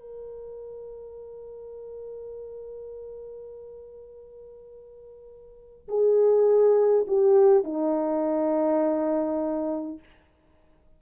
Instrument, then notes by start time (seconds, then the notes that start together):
horn
0.00 A#4
5.89 G#4
7.07 G4
7.64 D#4